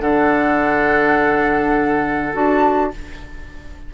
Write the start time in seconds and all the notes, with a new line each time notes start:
0.00 D3 D4 A4 F#5
2.33 D4 F#4 A5